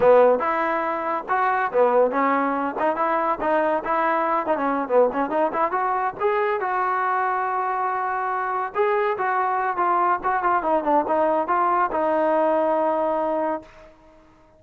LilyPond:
\new Staff \with { instrumentName = "trombone" } { \time 4/4 \tempo 4 = 141 b4 e'2 fis'4 | b4 cis'4. dis'8 e'4 | dis'4 e'4. dis'16 cis'8. b8 | cis'8 dis'8 e'8 fis'4 gis'4 fis'8~ |
fis'1~ | fis'8 gis'4 fis'4. f'4 | fis'8 f'8 dis'8 d'8 dis'4 f'4 | dis'1 | }